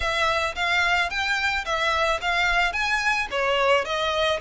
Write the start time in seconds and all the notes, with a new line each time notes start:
0.00 E5
0.55 F5
1.10 G5
1.65 E5
2.21 F5
2.72 G#5
3.31 C#5
3.84 D#5